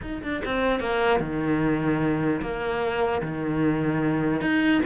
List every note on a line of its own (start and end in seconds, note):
0.02 0.22 D#4
0.22 0.42 D4
0.44 0.79 C4
0.79 1.20 A#3
1.20 2.41 D#3
2.41 3.21 A#3
3.22 4.41 D#3
4.41 4.81 D#4